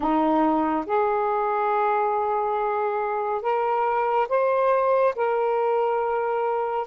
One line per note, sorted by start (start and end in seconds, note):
0.00 0.85 D#4
0.86 3.41 G#4
3.41 4.27 A#4
4.28 5.14 C5
5.15 6.86 A#4